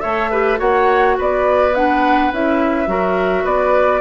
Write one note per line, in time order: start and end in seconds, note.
0.00 0.60 A3
0.00 0.31 A4
0.00 0.30 C#5
0.00 0.57 E5
0.30 0.57 G4
0.30 0.59 B4
0.57 1.17 A#3
0.57 1.71 F#4
0.57 1.16 C#5
0.57 1.17 F#5
1.17 2.32 B3
1.17 2.89 B4
1.17 1.75 D5
1.75 2.32 D4
1.75 2.32 F#5
2.32 2.87 C#4
2.32 2.86 E4
2.32 3.46 E5
2.86 3.44 F#3
2.86 4.01 F#4
2.86 3.44 A#4
3.44 4.01 B3
3.44 4.01 B4
3.44 4.01 D5